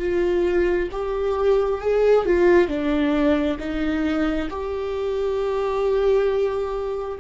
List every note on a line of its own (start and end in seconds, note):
0.00 0.90 F4
0.92 1.82 G4
1.82 2.26 G#4
2.26 2.68 F4
2.68 3.58 D4
3.60 4.49 D#4
4.51 7.19 G4